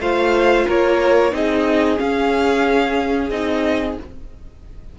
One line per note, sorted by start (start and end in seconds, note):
0.00 0.66 A3
0.00 1.32 F4
0.00 0.67 C5
0.00 0.68 F5
0.67 1.33 A#3
0.67 1.33 A#4
0.67 1.35 C#5
1.32 1.99 C4
1.32 1.98 D#4
1.32 3.99 G#4
1.32 1.99 D#5
1.98 3.30 C#4
1.98 3.30 F5
3.30 3.96 C4
3.30 3.98 D#4
3.30 3.96 D#5